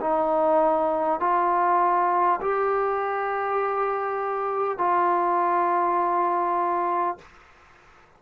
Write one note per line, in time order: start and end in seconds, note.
0.00 1.20 D#4
1.20 2.40 F4
2.41 4.78 G4
4.78 7.18 F4